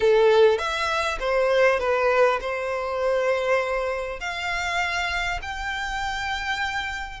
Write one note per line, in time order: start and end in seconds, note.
0.00 0.58 A4
0.58 1.18 E5
1.19 1.79 C5
1.79 2.39 B4
2.40 4.20 C5
4.20 5.40 F5
5.42 7.20 G5